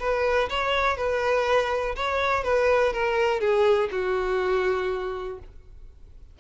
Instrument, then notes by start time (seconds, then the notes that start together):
violin
0.00 B4
0.50 C#5
0.97 B4
1.96 C#5
2.45 B4
2.94 A#4
3.41 G#4
3.92 F#4